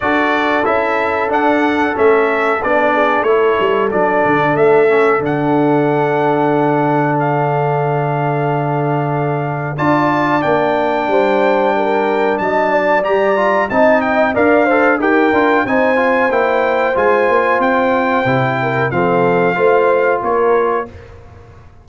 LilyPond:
<<
  \new Staff \with { instrumentName = "trumpet" } { \time 4/4 \tempo 4 = 92 d''4 e''4 fis''4 e''4 | d''4 cis''4 d''4 e''4 | fis''2. f''4~ | f''2. a''4 |
g''2. a''4 | ais''4 a''8 g''8 f''4 g''4 | gis''4 g''4 gis''4 g''4~ | g''4 f''2 cis''4 | }
  \new Staff \with { instrumentName = "horn" } { \time 4/4 a'1~ | a'8 gis'8 a'2.~ | a'1~ | a'2. d''4~ |
d''4 c''4 ais'4 dis''8 d''8~ | d''4 dis''4 d''8 c''8 ais'4 | c''1~ | c''8 ais'8 a'4 c''4 ais'4 | }
  \new Staff \with { instrumentName = "trombone" } { \time 4/4 fis'4 e'4 d'4 cis'4 | d'4 e'4 d'4. cis'8 | d'1~ | d'2. f'4 |
d'1 | g'8 f'8 dis'4 ais'8 a'8 g'8 f'8 | dis'8 f'8 e'4 f'2 | e'4 c'4 f'2 | }
  \new Staff \with { instrumentName = "tuba" } { \time 4/4 d'4 cis'4 d'4 a4 | b4 a8 g8 fis8 d8 a4 | d1~ | d2. d'4 |
ais4 g2 fis4 | g4 c'4 d'4 dis'8 d'8 | c'4 ais4 gis8 ais8 c'4 | c4 f4 a4 ais4 | }
>>